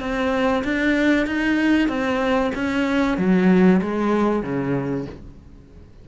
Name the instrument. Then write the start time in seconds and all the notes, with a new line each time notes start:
cello
0.00 C4
0.64 D4
1.26 D#4
1.88 C4
2.55 C#4
3.18 F#3
3.82 G#3
4.43 C#3